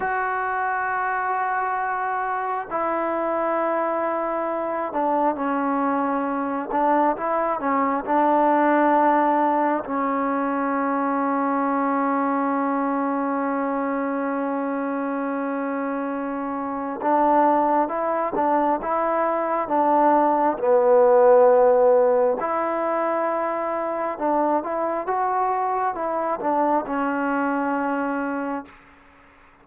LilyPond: \new Staff \with { instrumentName = "trombone" } { \time 4/4 \tempo 4 = 67 fis'2. e'4~ | e'4. d'8 cis'4. d'8 | e'8 cis'8 d'2 cis'4~ | cis'1~ |
cis'2. d'4 | e'8 d'8 e'4 d'4 b4~ | b4 e'2 d'8 e'8 | fis'4 e'8 d'8 cis'2 | }